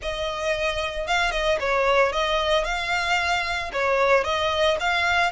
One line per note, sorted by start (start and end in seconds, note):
0.02 1.07 D#5
1.07 1.31 F5
1.31 1.57 D#5
1.60 2.12 C#5
2.12 2.64 D#5
2.64 3.70 F5
3.72 4.24 C#5
4.24 4.77 D#5
4.80 5.31 F5